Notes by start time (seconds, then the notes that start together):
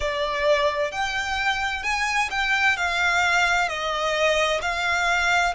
0.00 D5
0.91 G5
1.83 G#5
2.30 G5
2.77 F5
3.68 D#5
4.62 F5